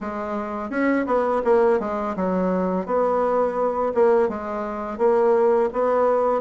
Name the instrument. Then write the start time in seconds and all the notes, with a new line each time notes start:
bassoon
0.00 G#3
0.69 C#4
1.06 B3
1.44 A#3
1.79 G#3
2.16 F#3
2.85 B3
3.94 A#3
4.29 G#3
4.98 A#3
5.72 B3